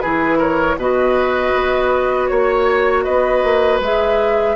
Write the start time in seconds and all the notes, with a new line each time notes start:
0.00 E3 E4 G#4 B4
0.38 A#4 C#5
0.77 B2 F#4 B4 D#5
1.55 B3
2.28 A#3 C#5
3.04 B3 B4 D#5
3.44 A#3
3.80 G#3 G#4 E5